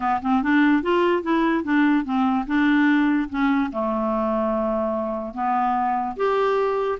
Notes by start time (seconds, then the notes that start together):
0.00 B3
0.22 C4
0.43 D4
0.82 F4
1.22 E4
1.64 D4
2.04 C4
2.47 D4
3.29 C#4
3.72 A3
5.33 B3
6.16 G4